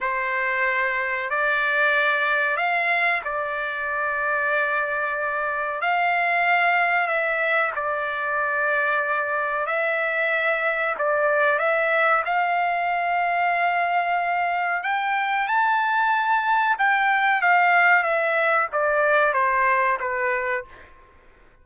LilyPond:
\new Staff \with { instrumentName = "trumpet" } { \time 4/4 \tempo 4 = 93 c''2 d''2 | f''4 d''2.~ | d''4 f''2 e''4 | d''2. e''4~ |
e''4 d''4 e''4 f''4~ | f''2. g''4 | a''2 g''4 f''4 | e''4 d''4 c''4 b'4 | }